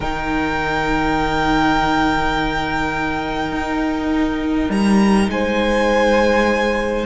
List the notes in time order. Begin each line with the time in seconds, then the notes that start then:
0.00 D#3 D#4 A#4 G5
3.51 D#4
4.69 G3 A#5
5.28 G#3 C5 G#5